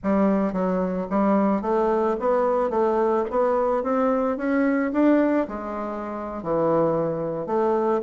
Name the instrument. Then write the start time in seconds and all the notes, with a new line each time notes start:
bassoon
0.03 G3
0.52 F#3
1.10 G3
1.61 A3
2.19 B3
2.70 A3
3.30 B3
3.83 C4
4.37 C#4
4.92 D4
5.48 G#3
6.42 E3
7.46 A3